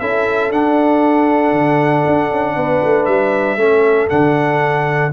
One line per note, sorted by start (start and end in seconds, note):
0.00 0.51 C#4
0.00 0.52 E4
0.00 2.56 A4
0.00 0.51 E5
0.51 1.52 D4
0.51 3.59 D4
0.51 3.06 F#5
1.52 2.04 D3
2.07 2.31 D4
2.31 2.56 C#4
2.56 2.82 B3
2.56 3.58 B4
2.84 3.07 A3
3.06 3.56 G3
3.06 4.08 E5
3.56 4.08 A3
3.56 4.09 C#4
3.56 5.13 A4
4.09 5.13 D3
4.09 5.12 D4
4.09 5.12 F#5